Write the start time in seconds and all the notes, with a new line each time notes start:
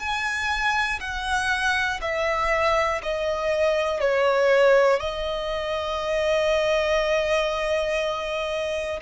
0.00 G#5
1.01 F#5
2.02 E5
3.03 D#5
4.00 C#5
5.00 D#5